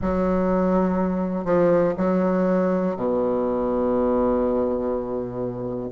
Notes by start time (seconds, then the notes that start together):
0.01 F#3
1.44 F3
1.97 F#3
2.96 B2